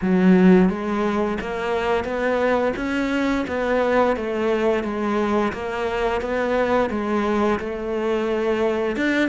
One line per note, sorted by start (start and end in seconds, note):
0.01 0.69 F#3
0.69 1.38 G#3
1.40 2.04 A#3
2.04 2.73 B3
2.76 3.45 C#4
3.47 4.16 B3
4.16 4.83 A3
4.83 5.52 G#3
5.52 6.21 A#3
6.21 6.90 B3
6.90 7.59 G#3
7.59 8.96 A3
8.96 9.29 D4